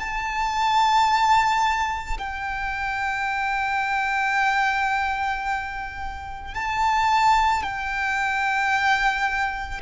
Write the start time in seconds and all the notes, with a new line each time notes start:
0.00 A5
2.19 G5
6.55 A5
7.63 G5